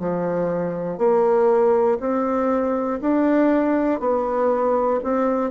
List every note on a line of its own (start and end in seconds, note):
0.00 0.99 F3
0.99 1.99 A#3
2.00 3.00 C4
3.01 4.00 D4
4.00 5.00 B3
5.04 5.51 C4